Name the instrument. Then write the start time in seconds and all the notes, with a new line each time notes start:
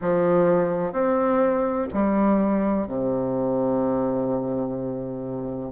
bassoon
0.01 F3
0.92 C4
1.93 G3
2.87 C3